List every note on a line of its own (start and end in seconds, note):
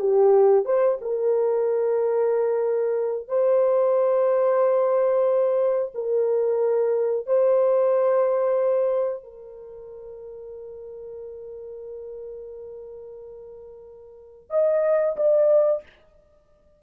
0.00 0.65 G4
0.65 0.98 C5
1.01 3.28 A#4
3.28 5.92 C5
5.95 7.26 A#4
7.26 9.24 C5
9.24 14.50 A#4
14.50 15.16 D#5
15.16 15.82 D5